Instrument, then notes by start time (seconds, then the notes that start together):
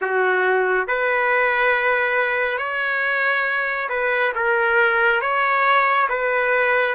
trumpet
0.01 F#4
0.87 B4
2.58 C#5
3.89 B4
4.35 A#4
5.21 C#5
6.09 B4